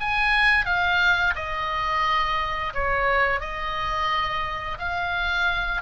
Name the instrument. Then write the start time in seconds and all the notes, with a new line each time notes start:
oboe
0.00 G#5
0.65 F5
1.35 D#5
2.74 C#5
3.40 D#5
4.79 F5